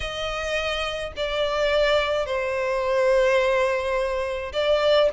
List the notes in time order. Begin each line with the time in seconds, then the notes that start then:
0.00 D#5
1.16 D5
2.25 C5
4.53 D5